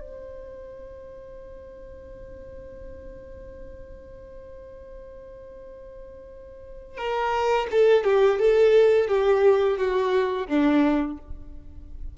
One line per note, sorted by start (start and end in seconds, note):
0.00 6.97 C5
6.97 7.67 A#4
7.71 8.04 A4
8.04 8.39 G4
8.39 9.08 A4
9.08 9.77 G4
9.77 10.47 F#4
10.47 11.17 D4